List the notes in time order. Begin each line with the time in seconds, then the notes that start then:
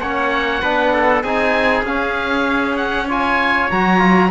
0.00 A#3 C#4 C#5 F#5
0.62 B3 D4 B4
0.93 A4
1.23 C4 D#4 G#4 G#5
1.83 C#4 F5
2.76 F#5
3.08 F4 C#5 G#5
3.71 F#3 F#4 A#5
3.99 F4